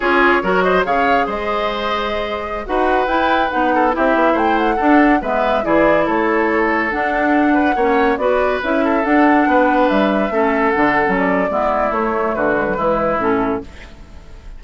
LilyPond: <<
  \new Staff \with { instrumentName = "flute" } { \time 4/4 \tempo 4 = 141 cis''4. dis''8 f''4 dis''4~ | dis''2~ dis''16 fis''4 g''8.~ | g''16 fis''4 e''4 g''8 fis''4~ fis''16~ | fis''16 e''4 d''4 cis''4.~ cis''16~ |
cis''16 fis''2. d''8.~ | d''16 e''4 fis''2 e''8.~ | e''4~ e''16 fis''4 d''4.~ d''16 | cis''4 b'2 a'4 | }
  \new Staff \with { instrumentName = "oboe" } { \time 4/4 gis'4 ais'8 c''8 cis''4 c''4~ | c''2~ c''16 b'4.~ b'16~ | b'8. a'8 g'4 c''4 a'8.~ | a'16 b'4 gis'4 a'4.~ a'16~ |
a'4.~ a'16 b'8 cis''4 b'8.~ | b'8. a'4. b'4.~ b'16~ | b'16 a'2~ a'8. e'4~ | e'4 fis'4 e'2 | }
  \new Staff \with { instrumentName = "clarinet" } { \time 4/4 f'4 fis'4 gis'2~ | gis'2~ gis'16 fis'4 e'8.~ | e'16 dis'4 e'2 d'8.~ | d'16 b4 e'2~ e'8.~ |
e'16 d'2 cis'4 fis'8.~ | fis'16 e'4 d'2~ d'8.~ | d'16 cis'4 d'8. cis'4 b4 | a4. gis16 fis16 gis4 cis'4 | }
  \new Staff \with { instrumentName = "bassoon" } { \time 4/4 cis'4 fis4 cis4 gis4~ | gis2~ gis16 dis'4 e'8.~ | e'16 b4 c'8 b8 a4 d'8.~ | d'16 gis4 e4 a4.~ a16~ |
a16 d'2 ais4 b8.~ | b16 cis'4 d'4 b4 g8.~ | g16 a4 d8. fis4 gis4 | a4 d4 e4 a,4 | }
>>